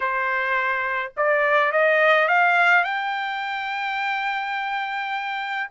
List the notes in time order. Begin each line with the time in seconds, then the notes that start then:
0.00 C5
1.16 D5
1.71 D#5
2.28 F5
2.83 G5